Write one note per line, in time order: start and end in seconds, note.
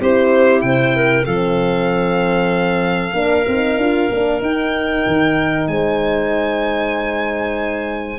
0.00 0.63 C4
0.00 1.26 E4
0.00 0.64 G4
0.00 0.61 C5
0.61 1.26 C3
0.61 0.96 C5
0.61 1.24 G5
0.96 1.26 A#4
1.25 3.13 F3
1.25 3.14 C4
1.25 3.15 A4
1.25 4.41 F5
3.13 3.45 A#3
3.13 3.46 D4
3.13 5.70 A#4
3.47 3.77 C4
3.47 3.80 D#4
3.77 4.09 D4
3.77 4.12 F4
4.09 4.41 A#3
4.09 4.41 D4
4.41 8.18 D#4
4.41 5.04 D#4
4.41 5.67 G5
5.06 5.68 D#3
5.67 8.18 G#3
5.67 8.18 C5
5.67 8.18 G#5